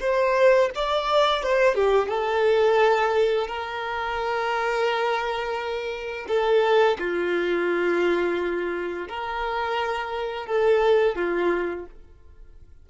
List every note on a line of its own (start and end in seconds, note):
0.00 0.70 C5
0.75 1.43 D5
1.43 1.75 C5
1.75 2.08 G4
2.08 3.47 A4
3.47 6.26 A#4
6.28 6.98 A4
6.99 9.08 F4
9.09 10.47 A#4
10.47 11.16 A4
11.16 11.85 F4